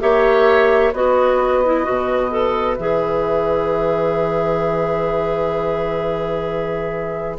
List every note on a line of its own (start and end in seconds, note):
0.00 0.93 A#3
0.00 0.92 G4
0.00 0.93 C#5
0.00 0.93 E5
0.93 1.85 B3
0.93 1.64 F#4
0.93 7.38 B4
0.93 2.75 D#5
1.65 1.84 E4
1.84 2.78 B2
1.84 2.30 F#4
2.31 2.77 A4
2.75 7.38 E3
2.75 7.38 G#4
2.75 7.37 E5